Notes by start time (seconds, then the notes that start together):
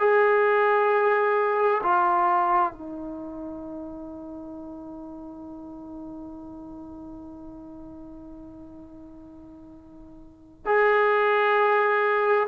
0.00 G#4
1.83 F4
2.72 D#4
10.66 G#4